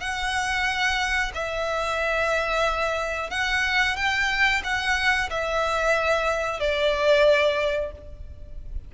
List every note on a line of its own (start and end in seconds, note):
0.00 1.32 F#5
1.34 3.30 E5
3.30 3.96 F#5
3.96 4.62 G5
4.64 5.30 F#5
5.30 6.60 E5
6.60 7.92 D5